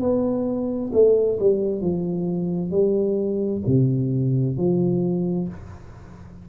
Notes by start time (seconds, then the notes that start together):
0.00 B3
0.93 A3
1.40 G3
1.81 F3
2.71 G3
3.66 C3
4.57 F3